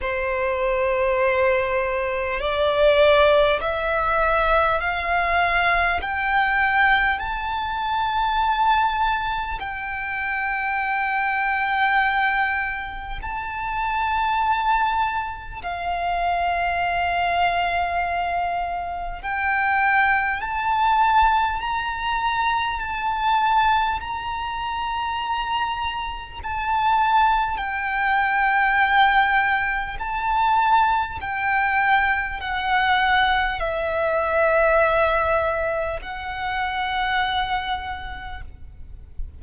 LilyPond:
\new Staff \with { instrumentName = "violin" } { \time 4/4 \tempo 4 = 50 c''2 d''4 e''4 | f''4 g''4 a''2 | g''2. a''4~ | a''4 f''2. |
g''4 a''4 ais''4 a''4 | ais''2 a''4 g''4~ | g''4 a''4 g''4 fis''4 | e''2 fis''2 | }